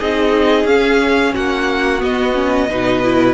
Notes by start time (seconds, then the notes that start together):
0.00 C4 D#4 G#4 D#5
0.65 C#4 F5
1.34 A#3 F#4 F#5
1.99 B3 D#5
2.34 C#4
2.70 B2 D#4 B4
3.04 E4